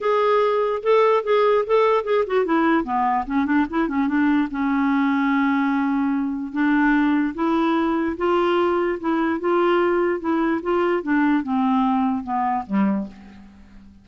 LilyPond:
\new Staff \with { instrumentName = "clarinet" } { \time 4/4 \tempo 4 = 147 gis'2 a'4 gis'4 | a'4 gis'8 fis'8 e'4 b4 | cis'8 d'8 e'8 cis'8 d'4 cis'4~ | cis'1 |
d'2 e'2 | f'2 e'4 f'4~ | f'4 e'4 f'4 d'4 | c'2 b4 g4 | }